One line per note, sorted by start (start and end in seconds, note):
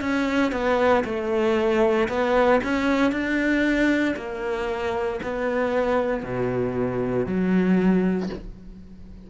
0.00 0.52 C#4
0.52 1.03 B3
1.04 2.08 A3
2.08 2.60 B3
2.63 3.11 C#4
3.11 4.15 D4
4.16 5.20 A#3
5.23 6.23 B3
6.23 7.26 B2
7.26 8.29 F#3